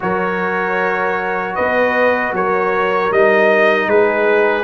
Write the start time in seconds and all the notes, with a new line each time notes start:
0.00 F#3 F#4 A#4 C#5
1.55 B3 B4 D#5
2.31 F#3 A#4 C#5
3.10 G3 D#4 D#5
3.86 G#3 G#4 B4